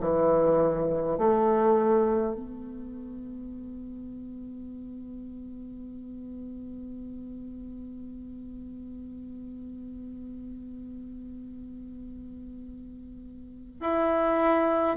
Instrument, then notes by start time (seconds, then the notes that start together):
bassoon
0.00 E3
1.18 A3
2.35 B3
13.80 E4